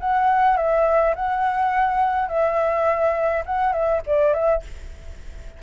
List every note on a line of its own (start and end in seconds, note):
0.00 0.57 F#5
0.57 1.14 E5
1.15 2.28 F#5
2.28 3.44 E5
3.45 3.72 F#5
3.72 4.01 E5
4.06 4.33 D5
4.33 4.62 E5